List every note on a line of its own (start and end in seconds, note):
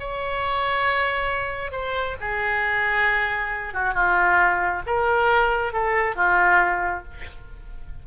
0.00 1.72 C#5
1.72 2.16 C5
2.21 3.74 G#4
3.74 3.94 F#4
3.94 4.83 F4
4.87 5.73 A#4
5.73 6.16 A4
6.16 7.04 F4